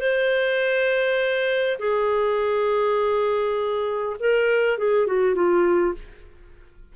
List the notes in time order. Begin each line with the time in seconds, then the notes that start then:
0.00 C5
1.79 G#4
4.20 A#4
4.78 G#4
5.07 F#4
5.35 F4